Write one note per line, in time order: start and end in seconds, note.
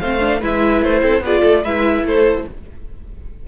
0.00 0.41 A3
0.00 0.20 C4
0.00 0.39 C5
0.00 0.41 F5
0.20 0.40 D4
0.39 0.82 G#3
0.39 1.23 E4
0.39 1.01 B4
0.39 0.83 E5
0.82 1.02 A3
0.82 1.24 C5
1.02 1.21 C4
1.02 1.22 A4
1.21 1.41 B3
1.21 1.65 F4
1.21 1.41 G#4
1.21 1.64 D5
1.41 1.64 A3
1.41 1.61 A4
1.64 2.03 G#3
1.64 2.48 E4
1.64 2.05 B4
1.64 2.05 E5
2.03 2.44 A3
2.03 2.47 A4
2.03 2.48 C5